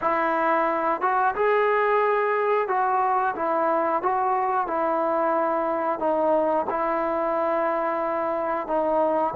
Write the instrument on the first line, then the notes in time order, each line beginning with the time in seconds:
trombone
0.01 E4
1.01 F#4
1.35 G#4
2.68 F#4
3.35 E4
4.02 F#4
4.67 E4
5.99 D#4
6.70 E4
8.67 D#4